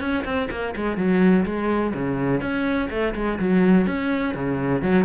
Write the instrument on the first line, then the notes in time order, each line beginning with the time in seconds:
cello
0.00 C#4
0.24 C4
0.50 A#3
0.76 G#3
0.97 F#3
1.45 G#3
1.94 C#3
2.41 C#4
2.90 A3
3.15 G#3
3.39 F#3
3.86 C#4
4.35 C#3
4.82 F#3